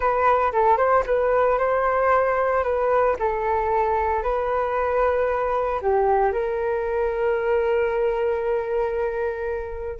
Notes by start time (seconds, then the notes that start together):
0.00 B4
0.52 A4
0.77 C5
1.06 B4
1.58 C5
2.63 B4
3.19 A4
4.22 B4
5.81 G4
6.32 A#4